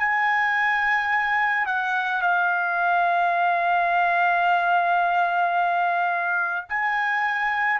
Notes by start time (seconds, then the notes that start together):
0.00 G#5
1.67 F#5
2.22 F5
6.69 G#5